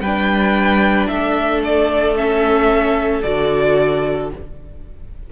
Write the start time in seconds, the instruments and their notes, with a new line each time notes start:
0.00 cello G3, viola D4, violin B4 G5
1.08 cello A3, violin A4 E5
1.64 violin D5
2.16 viola C#4, violin E5
3.22 cello D3, viola F#4, violin D5